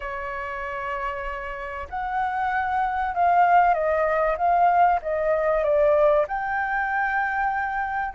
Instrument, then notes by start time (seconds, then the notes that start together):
flute
0.00 C#5
1.89 F#5
3.14 F5
3.74 D#5
4.37 F5
5.01 D#5
5.63 D5
6.27 G5